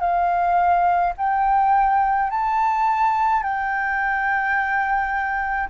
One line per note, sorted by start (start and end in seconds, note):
0.00 1.13 F5
1.17 2.31 G5
2.31 3.43 A5
3.43 5.69 G5